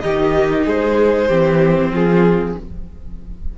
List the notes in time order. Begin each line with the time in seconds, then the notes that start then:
0.00 D#3 D#4 G4 D#5
0.66 G#3 G#4 C5
1.28 E3 C4 G4
1.91 F3 F4 G#4